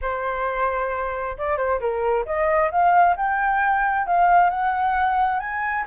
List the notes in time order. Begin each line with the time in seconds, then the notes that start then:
0.01 C5
1.37 D5
1.57 C5
1.80 A#4
2.25 D#5
2.71 F5
3.16 G5
4.07 F5
4.49 F#5
5.39 G#5